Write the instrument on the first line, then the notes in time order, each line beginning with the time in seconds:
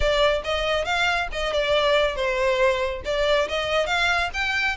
violin
0.00 D5
0.44 D#5
0.84 F5
1.31 D#5
1.52 D5
2.15 C5
3.04 D5
3.48 D#5
3.86 F5
4.33 G5